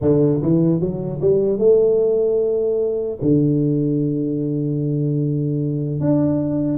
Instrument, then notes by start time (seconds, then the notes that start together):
tuba
0.01 D3
0.41 E3
0.80 F#3
1.21 G3
1.58 A3
3.21 D3
6.00 D4